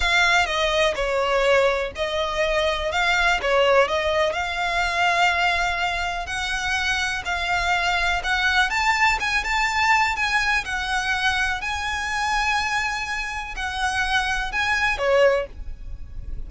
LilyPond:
\new Staff \with { instrumentName = "violin" } { \time 4/4 \tempo 4 = 124 f''4 dis''4 cis''2 | dis''2 f''4 cis''4 | dis''4 f''2.~ | f''4 fis''2 f''4~ |
f''4 fis''4 a''4 gis''8 a''8~ | a''4 gis''4 fis''2 | gis''1 | fis''2 gis''4 cis''4 | }